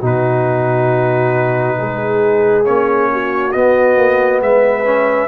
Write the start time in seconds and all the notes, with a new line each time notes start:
0.00 B2 D#4 F#4 B4
1.79 G#3 G#4
2.65 A#3 C#4 C#5
3.12 F#4
3.52 B3 D#5
3.97 A#3
4.41 G#3 B4 E5
4.85 C#4